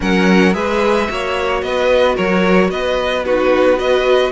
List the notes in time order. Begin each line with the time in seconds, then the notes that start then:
0.00 F#3 C#4 A#4 F#5
0.53 G#3 G#4 B4 E5
1.07 A#3 F#4 C#5
1.62 B3 B4 D#5
2.15 F#3 A#4 C#5
2.68 B3 B4 D#5
3.24 D#4 F#4 B4
3.76 F#4 B4 D#5